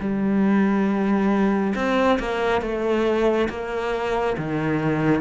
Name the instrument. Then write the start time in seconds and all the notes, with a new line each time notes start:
cello
0.00 G3
1.75 C4
2.19 A#3
2.61 A3
3.49 A#3
4.38 D#3